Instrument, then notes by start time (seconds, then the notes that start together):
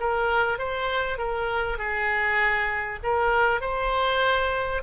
oboe
0.00 A#4
0.58 C5
1.18 A#4
1.78 G#4
3.03 A#4
3.61 C5